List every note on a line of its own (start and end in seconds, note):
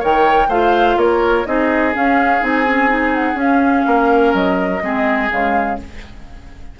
0.00 0.48 D#3
0.00 0.49 A#4
0.00 0.48 C#5
0.00 0.51 G5
0.48 0.96 A3
0.48 1.46 F4
0.48 0.97 C5
0.48 0.98 F5
0.97 1.45 A#3
0.97 1.48 A#4
0.97 1.46 C#5
1.46 1.95 C4
1.46 1.94 D#4
1.46 3.87 G#4
1.46 1.94 D#5
1.94 2.41 C#4
1.94 2.42 C#4
1.94 2.44 F5
2.41 3.35 C4
2.41 2.65 D#4
2.41 3.15 G#5
2.67 2.89 C#4
2.89 3.35 D#4
3.15 3.39 F#5
3.35 4.79 C#4
3.35 3.83 C#4
3.35 4.35 F5
3.86 4.34 A#3
3.86 4.83 A#4
4.34 4.82 F#3
4.34 5.31 D#5
4.82 5.30 G#3
4.82 5.30 C4
4.82 5.80 G#4
5.30 5.79 C#3
5.30 5.78 G#3
5.30 5.80 F5